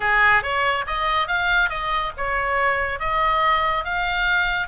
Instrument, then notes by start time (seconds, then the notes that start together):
oboe
0.00 G#4
0.42 C#5
0.86 D#5
1.27 F5
1.69 D#5
2.17 C#5
2.99 D#5
3.84 F5